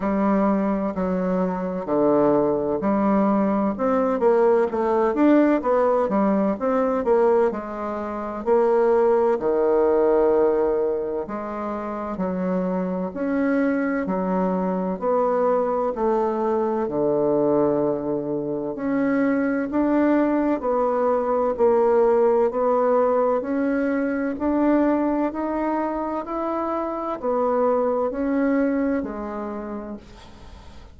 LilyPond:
\new Staff \with { instrumentName = "bassoon" } { \time 4/4 \tempo 4 = 64 g4 fis4 d4 g4 | c'8 ais8 a8 d'8 b8 g8 c'8 ais8 | gis4 ais4 dis2 | gis4 fis4 cis'4 fis4 |
b4 a4 d2 | cis'4 d'4 b4 ais4 | b4 cis'4 d'4 dis'4 | e'4 b4 cis'4 gis4 | }